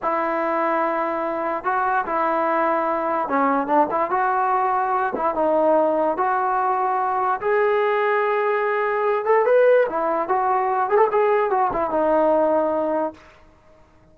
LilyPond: \new Staff \with { instrumentName = "trombone" } { \time 4/4 \tempo 4 = 146 e'1 | fis'4 e'2. | cis'4 d'8 e'8 fis'2~ | fis'8 e'8 dis'2 fis'4~ |
fis'2 gis'2~ | gis'2~ gis'8 a'8 b'4 | e'4 fis'4. gis'16 a'16 gis'4 | fis'8 e'8 dis'2. | }